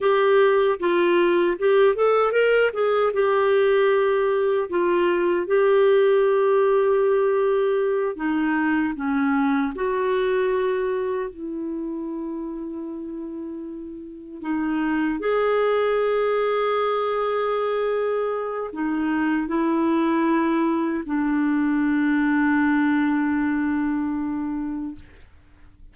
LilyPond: \new Staff \with { instrumentName = "clarinet" } { \time 4/4 \tempo 4 = 77 g'4 f'4 g'8 a'8 ais'8 gis'8 | g'2 f'4 g'4~ | g'2~ g'8 dis'4 cis'8~ | cis'8 fis'2 e'4.~ |
e'2~ e'8 dis'4 gis'8~ | gis'1 | dis'4 e'2 d'4~ | d'1 | }